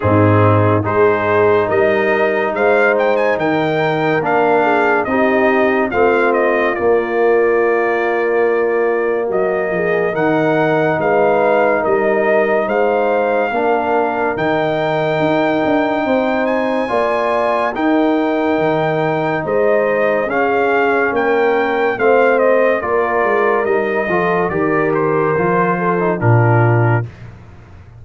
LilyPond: <<
  \new Staff \with { instrumentName = "trumpet" } { \time 4/4 \tempo 4 = 71 gis'4 c''4 dis''4 f''8 g''16 gis''16 | g''4 f''4 dis''4 f''8 dis''8 | d''2. dis''4 | fis''4 f''4 dis''4 f''4~ |
f''4 g''2~ g''8 gis''8~ | gis''4 g''2 dis''4 | f''4 g''4 f''8 dis''8 d''4 | dis''4 d''8 c''4. ais'4 | }
  \new Staff \with { instrumentName = "horn" } { \time 4/4 dis'4 gis'4 ais'4 c''4 | ais'4. gis'8 g'4 f'4~ | f'2. fis'8 gis'8 | ais'4 b'4 ais'4 c''4 |
ais'2. c''4 | d''4 ais'2 c''4 | gis'4 ais'4 c''4 ais'4~ | ais'8 a'8 ais'4. a'8 f'4 | }
  \new Staff \with { instrumentName = "trombone" } { \time 4/4 c'4 dis'2.~ | dis'4 d'4 dis'4 c'4 | ais1 | dis'1 |
d'4 dis'2. | f'4 dis'2. | cis'2 c'4 f'4 | dis'8 f'8 g'4 f'8. dis'16 d'4 | }
  \new Staff \with { instrumentName = "tuba" } { \time 4/4 gis,4 gis4 g4 gis4 | dis4 ais4 c'4 a4 | ais2. fis8 f8 | dis4 gis4 g4 gis4 |
ais4 dis4 dis'8 d'8 c'4 | ais4 dis'4 dis4 gis4 | cis'4 ais4 a4 ais8 gis8 | g8 f8 dis4 f4 ais,4 | }
>>